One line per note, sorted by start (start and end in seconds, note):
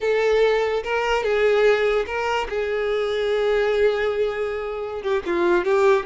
0.00 0.83 A4
0.83 1.23 A#4
1.23 2.05 G#4
2.06 2.47 A#4
2.49 5.02 G#4
5.02 5.22 G4
5.26 5.64 F4
5.64 6.05 G4